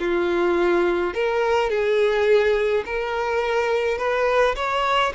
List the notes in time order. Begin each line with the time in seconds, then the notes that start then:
0.00 F4
1.14 A#4
1.70 G#4
2.86 A#4
3.98 B4
4.56 C#5